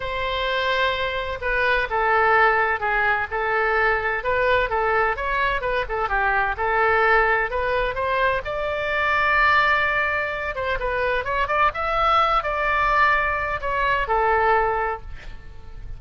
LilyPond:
\new Staff \with { instrumentName = "oboe" } { \time 4/4 \tempo 4 = 128 c''2. b'4 | a'2 gis'4 a'4~ | a'4 b'4 a'4 cis''4 | b'8 a'8 g'4 a'2 |
b'4 c''4 d''2~ | d''2~ d''8 c''8 b'4 | cis''8 d''8 e''4. d''4.~ | d''4 cis''4 a'2 | }